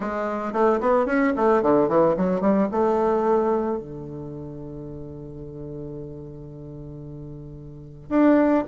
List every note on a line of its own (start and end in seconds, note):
0.00 0.52 G#3
0.52 0.79 A3
0.80 1.06 B3
1.06 1.33 C#4
1.35 1.62 A3
1.62 1.88 D3
1.88 2.15 E3
2.16 2.41 F#3
2.41 2.68 G3
2.71 3.77 A3
3.77 8.09 D3
8.09 8.63 D4